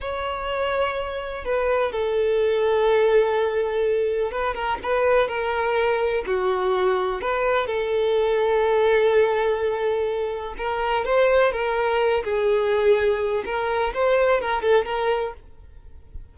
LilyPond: \new Staff \with { instrumentName = "violin" } { \time 4/4 \tempo 4 = 125 cis''2. b'4 | a'1~ | a'4 b'8 ais'8 b'4 ais'4~ | ais'4 fis'2 b'4 |
a'1~ | a'2 ais'4 c''4 | ais'4. gis'2~ gis'8 | ais'4 c''4 ais'8 a'8 ais'4 | }